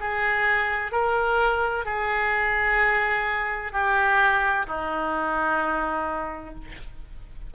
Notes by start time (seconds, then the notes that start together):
0.00 G#4
0.92 A#4
1.85 G#4
3.73 G4
4.67 D#4